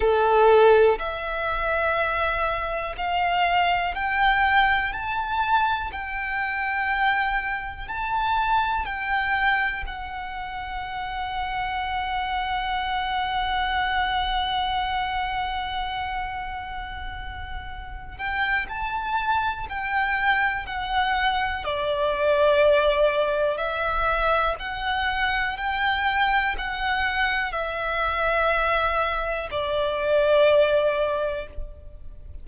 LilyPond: \new Staff \with { instrumentName = "violin" } { \time 4/4 \tempo 4 = 61 a'4 e''2 f''4 | g''4 a''4 g''2 | a''4 g''4 fis''2~ | fis''1~ |
fis''2~ fis''8 g''8 a''4 | g''4 fis''4 d''2 | e''4 fis''4 g''4 fis''4 | e''2 d''2 | }